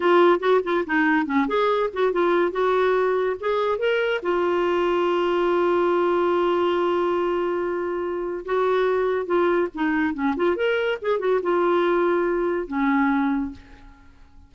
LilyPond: \new Staff \with { instrumentName = "clarinet" } { \time 4/4 \tempo 4 = 142 f'4 fis'8 f'8 dis'4 cis'8 gis'8~ | gis'8 fis'8 f'4 fis'2 | gis'4 ais'4 f'2~ | f'1~ |
f'1 | fis'2 f'4 dis'4 | cis'8 f'8 ais'4 gis'8 fis'8 f'4~ | f'2 cis'2 | }